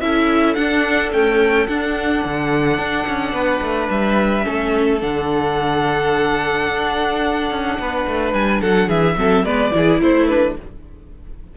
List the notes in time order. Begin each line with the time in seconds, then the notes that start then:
0.00 C#4 E4 A4 E5
0.54 D4 F#5
1.12 A3 C#4 G5
1.67 D4 F#5
2.24 D3
2.78 D4
3.07 C#4
3.33 B3 B4
3.61 A3
3.90 G3 E5
4.43 A3 C#4 A4
5.00 D3 D4 F#5
6.67 D4
7.50 C#4
7.78 B3 B4
8.07 A3
8.33 G3 G#5
8.60 F#3 A4 F#5
8.87 E3 G#4 E5
9.16 F#3 C4 A4
9.43 G#3 B3 B4 D5
9.71 E3 E4 G#4
10.00 A3 E4 C5
10.27 D4 B4